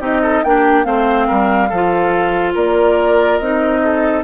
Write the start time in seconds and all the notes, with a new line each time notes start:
0.00 C4 D#4 G4 D#5
0.22 A4
0.44 A#3 D4 G4 G5
0.84 A3 C4 C5 F5
1.27 G3 A#4
1.69 F3 F4 A4
2.54 A#3 A#4 D5
3.38 C4 D#4 D#5
3.83 A4